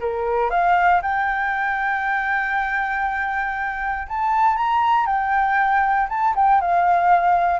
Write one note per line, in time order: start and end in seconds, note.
0.00 0.50 A#4
0.50 1.01 F5
1.02 4.07 G5
4.08 4.56 A5
4.56 5.06 A#5
5.06 6.08 G5
6.09 6.34 A5
6.35 6.61 G5
6.61 7.59 F5